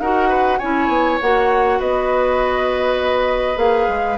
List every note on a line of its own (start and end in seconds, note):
0.00 0.60 D#4
0.00 0.61 F#4
0.00 0.29 A#4
0.00 0.59 F#5
0.29 0.59 B4
0.59 0.89 C#4
0.59 1.21 E4
0.59 1.79 C#5
0.59 1.19 G#5
0.89 1.19 B3
1.22 1.81 A#3
1.22 3.57 F#4
1.22 1.81 F#5
1.79 3.57 B3
1.79 4.18 B4
1.79 3.58 D#5
3.57 3.87 A#3
3.57 4.17 G#4
3.57 4.18 F5
3.89 4.18 G#3